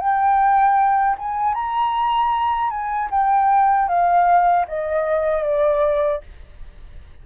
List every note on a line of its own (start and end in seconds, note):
0.00 1.17 G5
1.19 1.55 G#5
1.55 2.71 A#5
2.71 3.10 G#5
3.11 3.89 G5
3.89 4.66 F5
4.68 5.44 D#5
5.44 6.21 D5